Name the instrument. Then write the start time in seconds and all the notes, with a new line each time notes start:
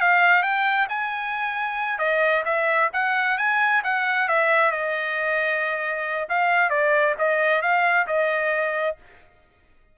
trumpet
0.00 F5
0.42 G5
0.89 G#5
1.98 D#5
2.45 E5
2.93 F#5
3.37 G#5
3.83 F#5
4.28 E5
4.71 D#5
6.29 F5
6.69 D5
7.18 D#5
7.61 F5
8.07 D#5